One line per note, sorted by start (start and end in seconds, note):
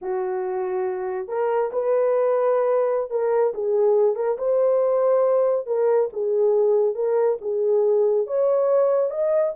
0.01 1.28 F#4
1.28 1.70 A#4
1.72 3.10 B4
3.10 3.53 A#4
3.54 4.15 G#4
4.15 4.37 A#4
4.38 5.66 C5
5.66 6.09 A#4
6.12 6.94 G#4
6.94 7.37 A#4
7.41 8.26 G#4
8.26 9.10 C#5
9.10 9.53 D#5